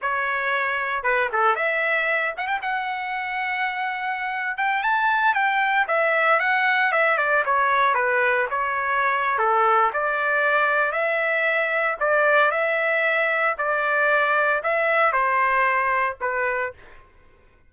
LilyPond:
\new Staff \with { instrumentName = "trumpet" } { \time 4/4 \tempo 4 = 115 cis''2 b'8 a'8 e''4~ | e''8 fis''16 g''16 fis''2.~ | fis''8. g''8 a''4 g''4 e''8.~ | e''16 fis''4 e''8 d''8 cis''4 b'8.~ |
b'16 cis''4.~ cis''16 a'4 d''4~ | d''4 e''2 d''4 | e''2 d''2 | e''4 c''2 b'4 | }